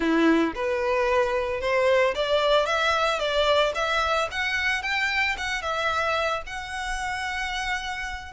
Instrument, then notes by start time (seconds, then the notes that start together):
violin
0.00 E4
0.54 B4
1.60 C5
2.14 D5
2.66 E5
3.19 D5
3.75 E5
4.31 F#5
4.82 G5
5.37 F#5
5.62 E5
6.46 F#5